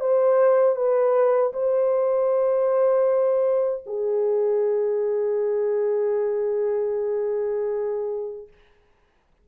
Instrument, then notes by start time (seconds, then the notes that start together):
horn
0.00 C5
0.76 B4
1.53 C5
3.86 G#4